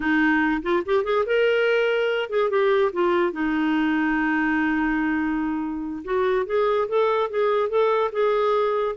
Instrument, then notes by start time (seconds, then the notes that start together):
clarinet
0.00 D#4
0.62 F4
0.85 G4
1.04 G#4
1.26 A#4
2.29 G#4
2.50 G4
2.92 F4
3.32 D#4
6.04 F#4
6.46 G#4
6.88 A4
7.29 G#4
7.69 A4
8.12 G#4